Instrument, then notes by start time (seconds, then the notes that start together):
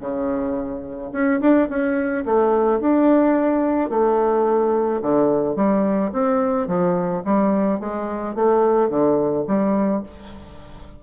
bassoon
0.00 C#3
1.12 C#4
1.40 D4
1.69 C#4
2.26 A3
2.80 D4
3.90 A3
5.02 D3
5.56 G3
6.13 C4
6.68 F3
7.25 G3
7.80 G#3
8.35 A3
8.89 D3
9.48 G3